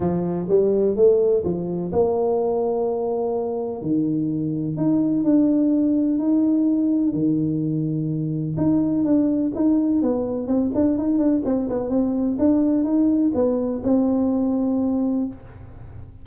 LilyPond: \new Staff \with { instrumentName = "tuba" } { \time 4/4 \tempo 4 = 126 f4 g4 a4 f4 | ais1 | dis2 dis'4 d'4~ | d'4 dis'2 dis4~ |
dis2 dis'4 d'4 | dis'4 b4 c'8 d'8 dis'8 d'8 | c'8 b8 c'4 d'4 dis'4 | b4 c'2. | }